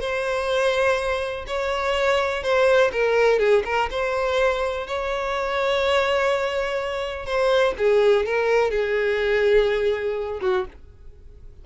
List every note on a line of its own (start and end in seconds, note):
0.00 1.45 C5
1.46 2.42 C#5
2.42 2.91 C5
2.92 3.38 A#4
3.38 3.63 G#4
3.65 3.89 A#4
3.90 4.87 C5
4.87 7.25 C#5
7.25 7.74 C5
7.77 8.26 G#4
8.26 8.70 A#4
8.70 10.40 G#4
10.41 10.65 F#4